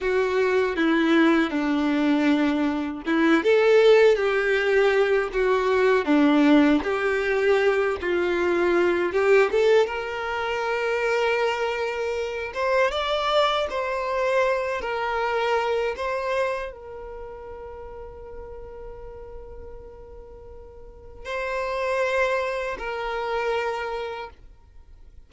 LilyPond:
\new Staff \with { instrumentName = "violin" } { \time 4/4 \tempo 4 = 79 fis'4 e'4 d'2 | e'8 a'4 g'4. fis'4 | d'4 g'4. f'4. | g'8 a'8 ais'2.~ |
ais'8 c''8 d''4 c''4. ais'8~ | ais'4 c''4 ais'2~ | ais'1 | c''2 ais'2 | }